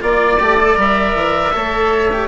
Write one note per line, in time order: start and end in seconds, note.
0.00 0.41 A#3
0.00 0.38 F4
0.00 0.78 D5
0.00 1.55 D5
0.40 0.77 A3
0.40 0.59 G4
0.60 0.76 A4
0.76 1.15 G3
0.76 1.52 A#4
0.76 2.28 E5
1.15 1.53 E3
1.53 2.28 A3
1.53 2.10 A4
1.53 2.28 C#5
2.13 2.28 G4